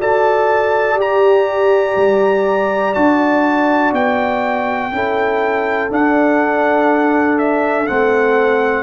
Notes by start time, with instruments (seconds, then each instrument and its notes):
0.00 tuba F#4, trombone A4, horn D5, trumpet A5
0.94 tuba G4, trombone G4
1.01 trumpet A#5
1.96 tuba G3
2.94 tuba D4, trombone F#4, trumpet A5
3.92 tuba B3, trumpet G5
4.92 tuba C#4, trombone E4, horn A4
5.90 trombone D4, tuba D4, trumpet F#5
7.38 trumpet E5
7.86 tuba A3, trombone C4, trumpet F#5